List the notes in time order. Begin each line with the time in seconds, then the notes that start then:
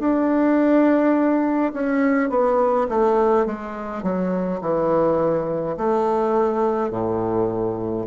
0.00 D4
1.74 C#4
2.30 B3
2.90 A3
3.46 G#3
4.03 F#3
4.62 E3
5.77 A3
6.91 A2